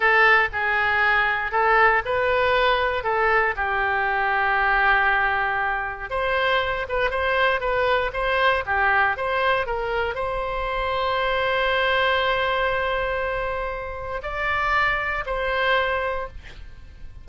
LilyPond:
\new Staff \with { instrumentName = "oboe" } { \time 4/4 \tempo 4 = 118 a'4 gis'2 a'4 | b'2 a'4 g'4~ | g'1 | c''4. b'8 c''4 b'4 |
c''4 g'4 c''4 ais'4 | c''1~ | c''1 | d''2 c''2 | }